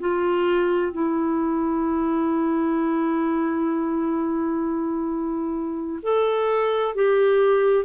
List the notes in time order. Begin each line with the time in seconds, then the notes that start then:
0.00 F4
0.92 E4
6.03 A4
6.95 G4